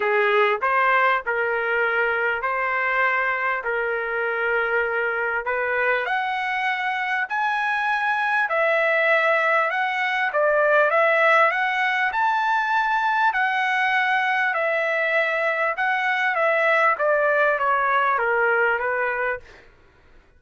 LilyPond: \new Staff \with { instrumentName = "trumpet" } { \time 4/4 \tempo 4 = 99 gis'4 c''4 ais'2 | c''2 ais'2~ | ais'4 b'4 fis''2 | gis''2 e''2 |
fis''4 d''4 e''4 fis''4 | a''2 fis''2 | e''2 fis''4 e''4 | d''4 cis''4 ais'4 b'4 | }